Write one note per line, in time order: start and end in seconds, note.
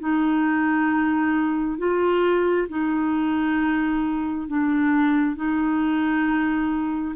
0.00 1.78 D#4
1.78 2.68 F4
2.69 4.48 D#4
4.48 5.36 D4
5.36 7.15 D#4